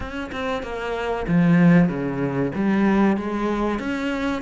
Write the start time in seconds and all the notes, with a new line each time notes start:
0.00 C#4
0.32 C4
0.62 A#3
1.27 F3
1.88 C#3
2.54 G3
3.17 G#3
3.79 C#4